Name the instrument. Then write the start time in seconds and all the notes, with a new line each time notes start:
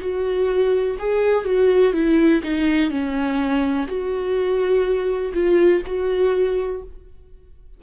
viola
0.00 F#4
0.99 G#4
1.44 F#4
1.93 E4
2.43 D#4
2.90 C#4
3.87 F#4
5.34 F4
5.85 F#4